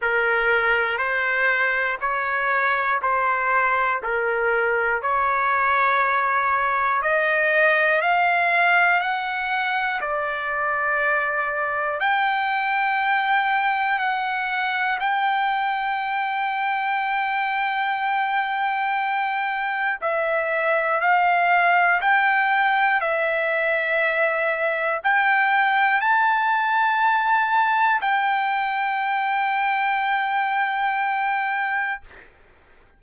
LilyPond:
\new Staff \with { instrumentName = "trumpet" } { \time 4/4 \tempo 4 = 60 ais'4 c''4 cis''4 c''4 | ais'4 cis''2 dis''4 | f''4 fis''4 d''2 | g''2 fis''4 g''4~ |
g''1 | e''4 f''4 g''4 e''4~ | e''4 g''4 a''2 | g''1 | }